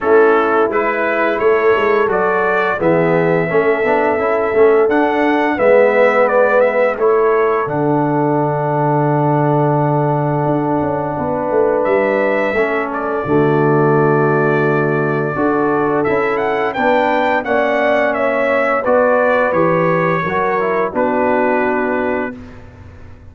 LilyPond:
<<
  \new Staff \with { instrumentName = "trumpet" } { \time 4/4 \tempo 4 = 86 a'4 b'4 cis''4 d''4 | e''2. fis''4 | e''4 d''8 e''8 cis''4 fis''4~ | fis''1~ |
fis''4 e''4. d''4.~ | d''2. e''8 fis''8 | g''4 fis''4 e''4 d''4 | cis''2 b'2 | }
  \new Staff \with { instrumentName = "horn" } { \time 4/4 e'2 a'2 | gis'4 a'2. | b'2 a'2~ | a'1 |
b'2 a'4 fis'4~ | fis'2 a'2 | b'4 d''4 cis''4 b'4~ | b'4 ais'4 fis'2 | }
  \new Staff \with { instrumentName = "trombone" } { \time 4/4 cis'4 e'2 fis'4 | b4 cis'8 d'8 e'8 cis'8 d'4 | b2 e'4 d'4~ | d'1~ |
d'2 cis'4 a4~ | a2 fis'4 e'4 | d'4 cis'2 fis'4 | g'4 fis'8 e'8 d'2 | }
  \new Staff \with { instrumentName = "tuba" } { \time 4/4 a4 gis4 a8 gis8 fis4 | e4 a8 b8 cis'8 a8 d'4 | gis2 a4 d4~ | d2. d'8 cis'8 |
b8 a8 g4 a4 d4~ | d2 d'4 cis'4 | b4 ais2 b4 | e4 fis4 b2 | }
>>